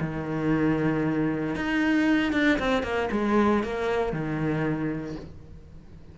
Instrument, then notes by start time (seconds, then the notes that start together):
cello
0.00 D#3
1.55 D#4
2.33 D4
2.59 C4
2.83 A#3
3.12 G#3
3.63 A#3
4.12 D#3